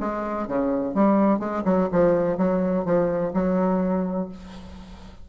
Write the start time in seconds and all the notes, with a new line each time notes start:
0.00 G#3
0.48 C#3
0.94 G3
1.39 G#3
1.65 F#3
1.92 F3
2.37 F#3
2.85 F3
3.34 F#3